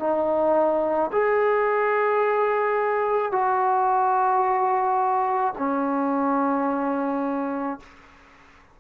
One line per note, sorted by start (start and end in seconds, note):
0.00 1.11 D#4
1.13 3.32 G#4
3.32 5.54 F#4
5.58 7.80 C#4